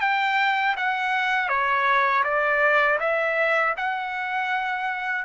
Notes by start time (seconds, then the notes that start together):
0.00 G5
0.76 F#5
1.48 C#5
2.23 D5
2.99 E5
3.76 F#5